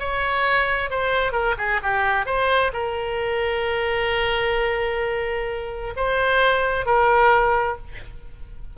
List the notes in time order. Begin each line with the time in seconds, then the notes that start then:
0.00 C#5
0.91 C5
1.33 A#4
1.58 G#4
1.83 G4
2.27 C5
2.74 A#4
5.97 C5
6.86 A#4